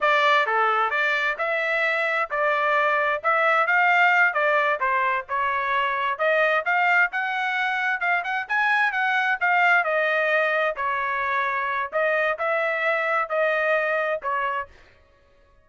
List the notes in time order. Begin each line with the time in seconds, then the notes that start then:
0.00 D5
0.46 A4
0.90 D5
1.38 E5
2.30 D5
3.23 E5
3.66 F5
4.33 D5
4.80 C5
5.29 C#5
6.18 D#5
6.65 F5
7.12 F#5
8.00 F5
8.24 F#5
8.48 G#5
8.92 F#5
9.40 F5
9.83 D#5
10.76 C#5
11.92 D#5
12.38 E5
13.29 D#5
14.22 C#5